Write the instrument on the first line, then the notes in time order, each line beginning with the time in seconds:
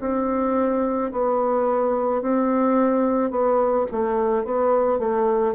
bassoon
0.00 C4
1.11 B3
2.21 C4
3.30 B3
3.91 A3
4.44 B3
4.98 A3